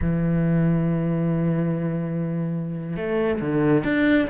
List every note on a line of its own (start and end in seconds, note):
0.01 2.96 E3
2.96 3.40 A3
3.41 3.83 D3
3.83 4.28 D4